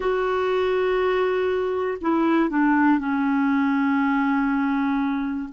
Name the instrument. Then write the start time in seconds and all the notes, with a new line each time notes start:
clarinet
0.00 F#4
2.00 E4
2.50 D4
2.99 C#4